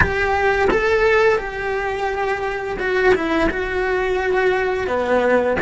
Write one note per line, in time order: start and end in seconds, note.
0.00 0.68 G4
0.70 1.38 A4
1.38 2.77 G4
2.79 3.14 F#4
3.14 3.49 E4
3.49 4.87 F#4
4.87 5.57 B3